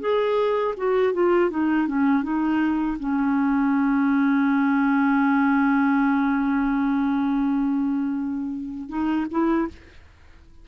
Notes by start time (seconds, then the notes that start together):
0.00 G#4
0.76 F#4
1.13 F4
1.50 D#4
1.87 C#4
2.23 D#4
2.99 C#4
8.89 D#4
9.30 E4